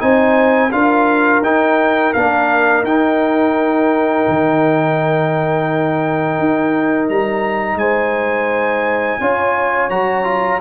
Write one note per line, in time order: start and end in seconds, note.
0.00 0.72 C4
0.00 0.71 D#4
0.00 0.72 C5
0.00 0.72 G#5
0.72 1.41 D4
0.72 1.43 F4
0.72 7.79 A#4
0.72 1.43 F5
1.41 2.12 D#4
1.41 2.15 D#4
1.41 2.14 G5
2.14 2.83 A#3
2.14 2.86 D4
2.14 2.84 F5
2.83 4.24 D#4
2.83 9.21 D#4
2.83 7.09 G5
4.29 6.39 D#3
6.39 7.09 D#4
7.09 7.75 G3
7.09 7.79 A#5
7.75 9.16 G#3
7.75 9.20 C5
7.75 9.90 G#5
9.20 9.90 C#4
9.20 9.91 F4
9.20 10.61 C#5
9.90 10.61 F#3
9.90 10.24 F#4
9.90 10.61 A#5
10.24 10.59 F4